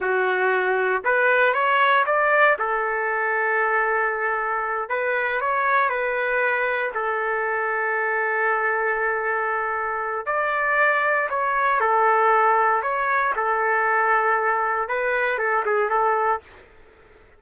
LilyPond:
\new Staff \with { instrumentName = "trumpet" } { \time 4/4 \tempo 4 = 117 fis'2 b'4 cis''4 | d''4 a'2.~ | a'4. b'4 cis''4 b'8~ | b'4. a'2~ a'8~ |
a'1 | d''2 cis''4 a'4~ | a'4 cis''4 a'2~ | a'4 b'4 a'8 gis'8 a'4 | }